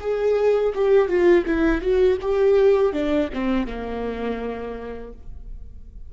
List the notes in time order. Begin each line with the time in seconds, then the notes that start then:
0.00 G#4
0.74 G4
1.08 F4
1.45 E4
1.81 F#4
2.21 G4
2.92 D4
3.33 C4
3.66 A#3